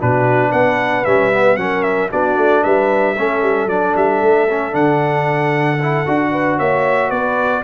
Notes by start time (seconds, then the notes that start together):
0.00 B2 D4 F#4 B4
0.50 B3 B4 F#5
1.05 G3 C#4 E5
1.32 B3
1.57 F#3 C#4 A#4 F#5
1.83 E5
2.10 B3 D4 F#4 D5
2.37 A3
2.63 G3 B4 E5
3.14 A3 C#4 A4
3.42 G3
3.66 F#3 D4 D5
3.96 G3 E5
4.22 A3
4.49 C#4
4.72 D3 D4 F#5
5.82 E4
6.06 D4 F#4
6.31 B4
6.57 A#3 C#5 E5
7.09 B3 B4 D5